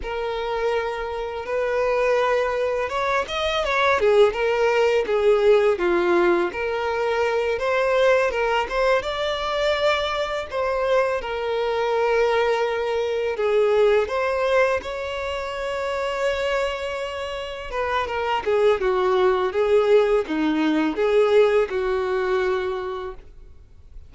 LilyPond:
\new Staff \with { instrumentName = "violin" } { \time 4/4 \tempo 4 = 83 ais'2 b'2 | cis''8 dis''8 cis''8 gis'8 ais'4 gis'4 | f'4 ais'4. c''4 ais'8 | c''8 d''2 c''4 ais'8~ |
ais'2~ ais'8 gis'4 c''8~ | c''8 cis''2.~ cis''8~ | cis''8 b'8 ais'8 gis'8 fis'4 gis'4 | dis'4 gis'4 fis'2 | }